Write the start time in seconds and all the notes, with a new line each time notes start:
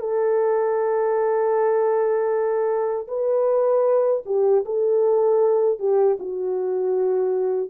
0.00 A4
3.08 B4
4.26 G4
4.66 A4
5.80 G4
6.20 F#4